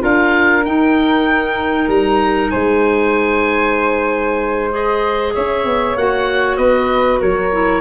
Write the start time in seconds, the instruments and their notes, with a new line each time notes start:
0.00 tuba D4, clarinet F4, flute A#4, oboe F5
0.65 tuba D#4, clarinet D#4, oboe G5
1.88 tuba G3, oboe A#5
2.50 tuba G#3, flute C5, oboe G#5
4.71 clarinet G#4, oboe D#5
5.34 tuba C#4, flute C#5, oboe E5
5.64 tuba B3
5.96 tuba A#3, clarinet F#4, oboe F#5
6.57 tuba B3, flute B4, oboe D#5
7.20 tuba F#3, flute A#4, oboe C#5
7.52 clarinet E4